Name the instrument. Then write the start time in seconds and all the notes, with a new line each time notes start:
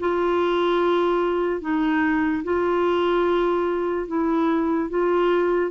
clarinet
0.00 F4
1.61 D#4
2.44 F4
4.08 E4
4.90 F4